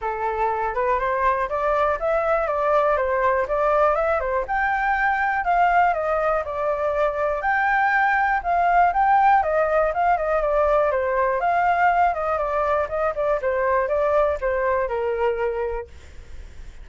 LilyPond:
\new Staff \with { instrumentName = "flute" } { \time 4/4 \tempo 4 = 121 a'4. b'8 c''4 d''4 | e''4 d''4 c''4 d''4 | e''8 c''8 g''2 f''4 | dis''4 d''2 g''4~ |
g''4 f''4 g''4 dis''4 | f''8 dis''8 d''4 c''4 f''4~ | f''8 dis''8 d''4 dis''8 d''8 c''4 | d''4 c''4 ais'2 | }